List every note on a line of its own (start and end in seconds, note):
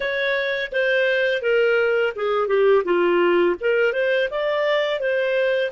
0.00 0.71 C#5
0.71 1.42 C5
1.42 2.13 A#4
2.15 2.47 G#4
2.47 2.83 G4
2.84 3.55 F4
3.60 3.93 A#4
3.93 4.28 C5
4.30 4.99 D5
4.99 5.71 C5